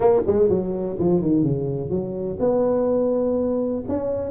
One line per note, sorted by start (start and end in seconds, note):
0.00 0.21 A#3
0.26 0.49 G#3
0.49 0.97 F#3
0.98 1.21 F3
1.21 1.43 D#3
1.43 1.89 C#3
1.89 2.37 F#3
2.39 3.83 B3
3.88 4.30 C#4